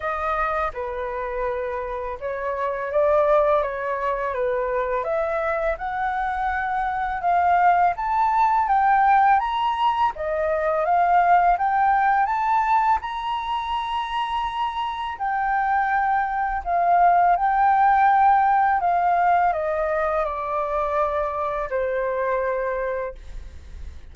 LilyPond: \new Staff \with { instrumentName = "flute" } { \time 4/4 \tempo 4 = 83 dis''4 b'2 cis''4 | d''4 cis''4 b'4 e''4 | fis''2 f''4 a''4 | g''4 ais''4 dis''4 f''4 |
g''4 a''4 ais''2~ | ais''4 g''2 f''4 | g''2 f''4 dis''4 | d''2 c''2 | }